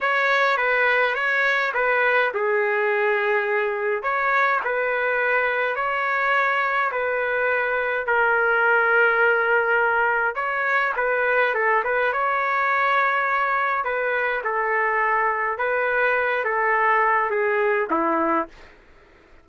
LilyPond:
\new Staff \with { instrumentName = "trumpet" } { \time 4/4 \tempo 4 = 104 cis''4 b'4 cis''4 b'4 | gis'2. cis''4 | b'2 cis''2 | b'2 ais'2~ |
ais'2 cis''4 b'4 | a'8 b'8 cis''2. | b'4 a'2 b'4~ | b'8 a'4. gis'4 e'4 | }